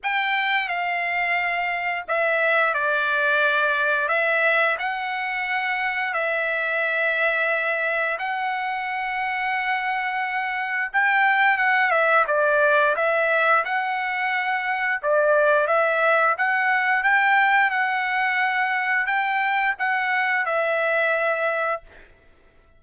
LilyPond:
\new Staff \with { instrumentName = "trumpet" } { \time 4/4 \tempo 4 = 88 g''4 f''2 e''4 | d''2 e''4 fis''4~ | fis''4 e''2. | fis''1 |
g''4 fis''8 e''8 d''4 e''4 | fis''2 d''4 e''4 | fis''4 g''4 fis''2 | g''4 fis''4 e''2 | }